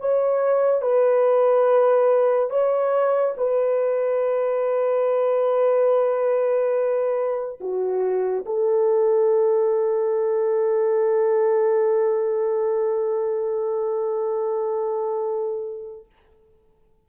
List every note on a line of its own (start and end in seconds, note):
0.00 0.81 C#5
0.81 2.50 B4
2.50 3.34 C#5
3.37 7.59 B4
7.60 8.45 F#4
8.45 16.06 A4